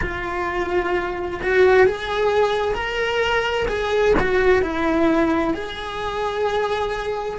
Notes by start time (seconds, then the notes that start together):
0.01 F4
1.42 F#4
1.86 G#4
2.74 A#4
3.68 G#4
4.19 F#4
4.62 E4
5.54 G#4